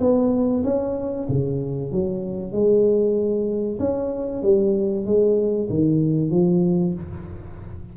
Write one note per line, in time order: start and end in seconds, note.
0.00 0.63 B3
0.64 1.27 C#4
1.29 1.92 C#3
1.92 2.52 F#3
2.52 3.78 G#3
3.79 4.42 C#4
4.43 5.06 G3
5.06 5.69 G#3
5.70 6.31 D#3
6.31 6.94 F3